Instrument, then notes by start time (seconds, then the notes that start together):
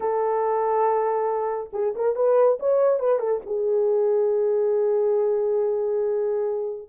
horn
0.00 A4
1.73 G#4
1.95 A#4
2.15 B4
2.59 C#5
2.99 B4
3.19 A4
3.45 G#4